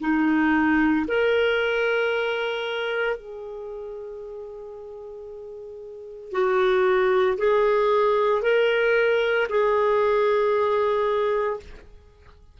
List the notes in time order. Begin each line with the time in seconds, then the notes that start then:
0.00 D#4
1.07 A#4
3.16 G#4
6.32 F#4
7.37 G#4
8.42 A#4
9.49 G#4